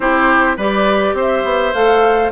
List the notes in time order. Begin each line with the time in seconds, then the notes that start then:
0.00 C4 E4 G4 C5
0.57 G3 G4 B4 D5
1.13 C4 C5
1.20 E5
1.44 B3
1.73 A3 A4 F5